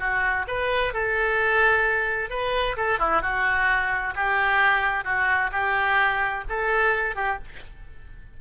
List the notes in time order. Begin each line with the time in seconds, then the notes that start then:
0.00 F#4
0.48 B4
0.94 A4
2.30 B4
2.77 A4
2.99 E4
3.22 F#4
4.16 G4
5.05 F#4
5.52 G4
6.49 A4
7.16 G4